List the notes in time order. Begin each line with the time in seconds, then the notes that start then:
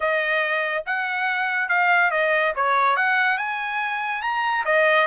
0.00 D#5
0.86 F#5
1.68 F5
2.10 D#5
2.55 C#5
2.96 F#5
3.37 G#5
4.22 A#5
4.65 D#5